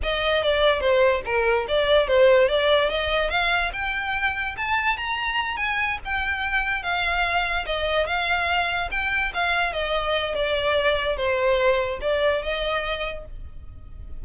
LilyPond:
\new Staff \with { instrumentName = "violin" } { \time 4/4 \tempo 4 = 145 dis''4 d''4 c''4 ais'4 | d''4 c''4 d''4 dis''4 | f''4 g''2 a''4 | ais''4. gis''4 g''4.~ |
g''8 f''2 dis''4 f''8~ | f''4. g''4 f''4 dis''8~ | dis''4 d''2 c''4~ | c''4 d''4 dis''2 | }